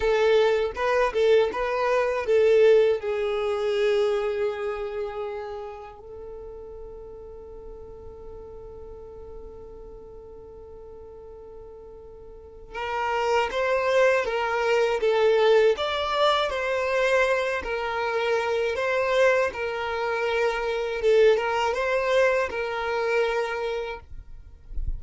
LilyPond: \new Staff \with { instrumentName = "violin" } { \time 4/4 \tempo 4 = 80 a'4 b'8 a'8 b'4 a'4 | gis'1 | a'1~ | a'1~ |
a'4 ais'4 c''4 ais'4 | a'4 d''4 c''4. ais'8~ | ais'4 c''4 ais'2 | a'8 ais'8 c''4 ais'2 | }